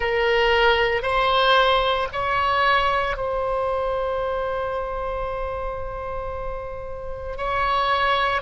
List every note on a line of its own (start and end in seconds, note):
0.00 1.02 A#4
1.02 2.08 C5
2.12 3.16 C#5
3.16 7.37 C5
7.37 8.41 C#5